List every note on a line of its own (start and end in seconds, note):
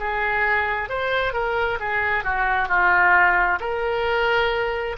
0.00 0.90 G#4
0.90 1.34 C5
1.34 1.79 A#4
1.80 2.24 G#4
2.24 2.69 F#4
2.69 3.60 F4
3.61 4.97 A#4